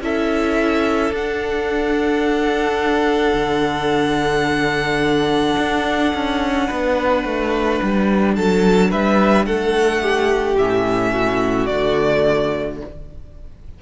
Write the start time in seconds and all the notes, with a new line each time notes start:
0.00 C#4 E4 A4 E5
1.10 D4 F#5
3.33 D3
5.57 D4
6.14 C#4
6.67 B3 B4
7.24 A3
7.82 G3
8.35 F#3 A4 A5
8.90 G3 B4 E5
9.45 A3 A4 F#5
10.01 G4
10.56 A2 C#4 E5
11.12 F#4
11.66 D3 A3 D5